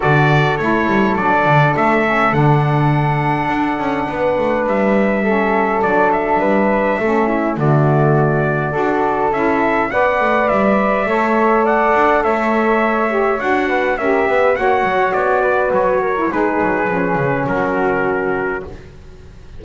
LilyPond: <<
  \new Staff \with { instrumentName = "trumpet" } { \time 4/4 \tempo 4 = 103 d''4 cis''4 d''4 e''4 | fis''1 | e''2 d''8 e''4.~ | e''4 d''2. |
e''4 fis''4 e''2 | fis''4 e''2 fis''4 | e''4 fis''4 d''4 cis''4 | b'2 ais'2 | }
  \new Staff \with { instrumentName = "flute" } { \time 4/4 a'1~ | a'2. b'4~ | b'4 a'2 b'4 | a'8 e'8 fis'2 a'4~ |
a'4 d''2 cis''4 | d''4 cis''2~ cis''8 b'8 | ais'8 b'8 cis''4. b'4 ais'8 | gis'2 fis'2 | }
  \new Staff \with { instrumentName = "saxophone" } { \time 4/4 fis'4 e'4 d'4. cis'8 | d'1~ | d'4 cis'4 d'2 | cis'4 a2 fis'4 |
e'4 b'2 a'4~ | a'2~ a'8 g'8 fis'4 | g'4 fis'2~ fis'8. e'16 | dis'4 cis'2. | }
  \new Staff \with { instrumentName = "double bass" } { \time 4/4 d4 a8 g8 fis8 d8 a4 | d2 d'8 cis'8 b8 a8 | g2 fis4 g4 | a4 d2 d'4 |
cis'4 b8 a8 g4 a4~ | a8 d'8 a2 d'4 | cis'8 b8 ais8 fis8 b4 fis4 | gis8 fis8 f8 cis8 fis2 | }
>>